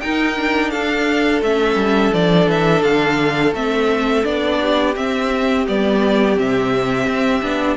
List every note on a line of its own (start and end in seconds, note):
0.00 0.36 D#4
0.00 0.74 D#4
0.00 0.71 A#4
0.00 0.70 G5
0.36 1.42 D4
0.70 1.41 D4
0.70 4.59 A4
0.70 1.41 F5
1.41 1.75 A3
1.41 2.14 C#4
1.41 2.13 E5
1.75 2.11 G3
2.13 2.46 F3
2.13 3.55 D4
2.13 2.49 D5
2.46 2.82 E3
2.46 2.82 E5
2.82 3.53 D3
2.82 3.53 F5
3.53 4.23 A3
3.53 4.24 C4
3.53 4.25 E5
4.24 4.96 B3
4.24 4.94 D4
4.24 4.95 D5
4.60 7.76 G4
4.95 5.66 C4
4.95 5.66 E5
5.66 6.39 G3
5.66 6.36 B3
5.66 6.39 D5
6.36 7.06 C3
6.36 7.42 C4
6.36 7.76 E5
7.06 7.42 C4
7.42 7.76 B3
7.42 7.76 D4